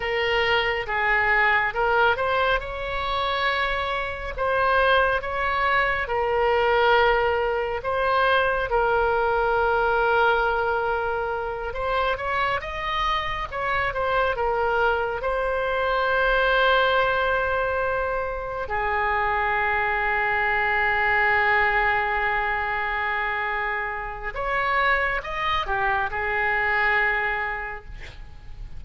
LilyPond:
\new Staff \with { instrumentName = "oboe" } { \time 4/4 \tempo 4 = 69 ais'4 gis'4 ais'8 c''8 cis''4~ | cis''4 c''4 cis''4 ais'4~ | ais'4 c''4 ais'2~ | ais'4. c''8 cis''8 dis''4 cis''8 |
c''8 ais'4 c''2~ c''8~ | c''4. gis'2~ gis'8~ | gis'1 | cis''4 dis''8 g'8 gis'2 | }